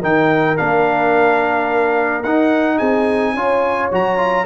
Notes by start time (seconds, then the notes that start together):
0.00 D#3 D#4 A#4 G5
0.57 A#3 D4 F5
2.23 D#4 F#5
2.78 C4 G#4 G#5
3.34 C#4 F4 C#5
3.92 F#3 F#4 A#5
4.17 F4